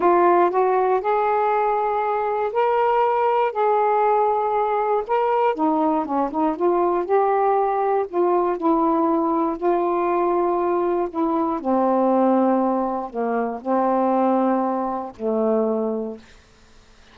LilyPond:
\new Staff \with { instrumentName = "saxophone" } { \time 4/4 \tempo 4 = 119 f'4 fis'4 gis'2~ | gis'4 ais'2 gis'4~ | gis'2 ais'4 dis'4 | cis'8 dis'8 f'4 g'2 |
f'4 e'2 f'4~ | f'2 e'4 c'4~ | c'2 ais4 c'4~ | c'2 a2 | }